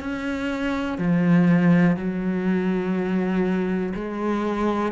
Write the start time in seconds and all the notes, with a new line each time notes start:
0.00 C#4
0.98 F3
1.96 F#3
3.95 G#3